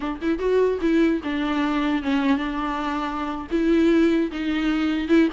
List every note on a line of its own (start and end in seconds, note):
0.00 0.19 D4
0.21 0.39 E4
0.39 0.79 F#4
0.81 1.21 E4
1.23 2.02 D4
2.02 2.37 C#4
2.37 3.47 D4
3.51 4.31 E4
4.31 5.08 D#4
5.08 5.28 E4